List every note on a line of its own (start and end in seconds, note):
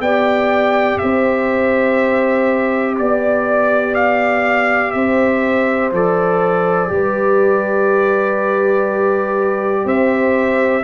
0.00 0.98 B3
0.00 5.93 G4
0.00 1.00 D5
0.00 0.98 G5
0.98 2.99 C4
0.98 2.98 C5
0.98 2.95 E5
2.99 4.94 B3
2.99 3.95 D5
2.99 4.95 D5
3.95 4.91 F5
4.91 5.92 C4
4.91 6.92 C5
4.91 5.90 E5
5.92 6.90 F3
5.92 6.88 A4
5.92 9.87 D5
6.88 9.85 G3
6.88 10.82 G4
6.88 9.85 B4
9.85 10.83 C4
9.85 10.83 C5
9.85 10.84 E5